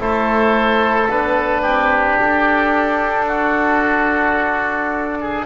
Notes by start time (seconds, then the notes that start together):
0.00 A3 E4 A4 C5
1.10 B3 D4 B4
1.62 C4 G4
2.21 D4 A4
3.27 F#4
5.21 G#4